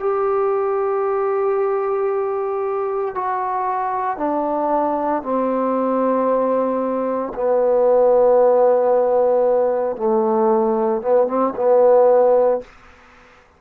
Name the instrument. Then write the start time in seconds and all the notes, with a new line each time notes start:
trombone
0.00 G4
3.15 F#4
4.18 D4
5.22 C4
7.35 B3
9.97 A3
11.02 B3
11.28 C4
11.56 B3